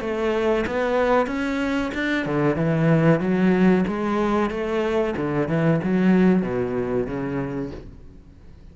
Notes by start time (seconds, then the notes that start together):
0.00 A3
0.67 B3
1.26 C#4
1.94 D4
2.26 D3
2.56 E3
3.20 F#3
3.87 G#3
4.50 A3
5.16 D3
5.48 E3
5.83 F#3
6.42 B2
7.06 C#3